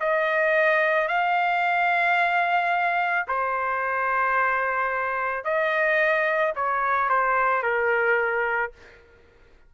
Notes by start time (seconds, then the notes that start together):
0.00 D#5
1.08 F5
3.28 C5
5.44 D#5
6.56 C#5
7.09 C5
7.63 A#4